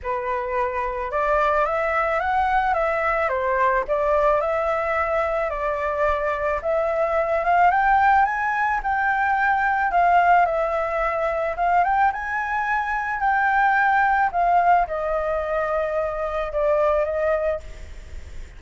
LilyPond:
\new Staff \with { instrumentName = "flute" } { \time 4/4 \tempo 4 = 109 b'2 d''4 e''4 | fis''4 e''4 c''4 d''4 | e''2 d''2 | e''4. f''8 g''4 gis''4 |
g''2 f''4 e''4~ | e''4 f''8 g''8 gis''2 | g''2 f''4 dis''4~ | dis''2 d''4 dis''4 | }